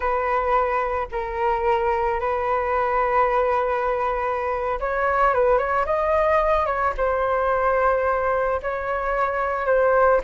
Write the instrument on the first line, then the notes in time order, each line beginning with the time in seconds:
flute
0.00 B4
1.11 A#4
2.20 B4
4.80 C#5
5.34 B4
5.58 C#5
5.85 D#5
6.66 C#5
6.97 C5
8.62 C#5
9.66 C5